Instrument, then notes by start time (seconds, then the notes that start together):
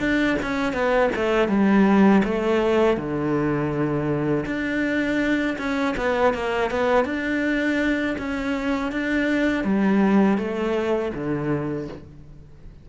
cello
0.00 D4
0.43 C#4
0.73 B3
1.16 A3
1.48 G3
2.25 A3
2.97 D3
4.46 D4
5.59 C#4
5.97 B3
6.34 A#3
6.71 B3
7.05 D4
8.19 C#4
8.92 D4
9.64 G3
10.38 A3
11.14 D3